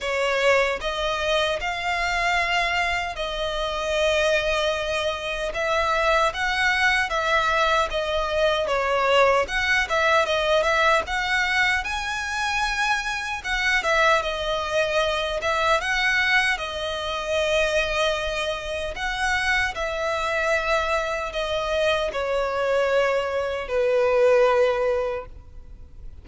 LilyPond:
\new Staff \with { instrumentName = "violin" } { \time 4/4 \tempo 4 = 76 cis''4 dis''4 f''2 | dis''2. e''4 | fis''4 e''4 dis''4 cis''4 | fis''8 e''8 dis''8 e''8 fis''4 gis''4~ |
gis''4 fis''8 e''8 dis''4. e''8 | fis''4 dis''2. | fis''4 e''2 dis''4 | cis''2 b'2 | }